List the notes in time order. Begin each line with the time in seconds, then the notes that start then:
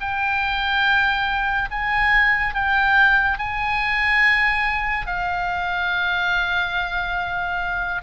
0.00 G5
1.71 G#5
2.54 G5
3.38 G#5
5.06 F5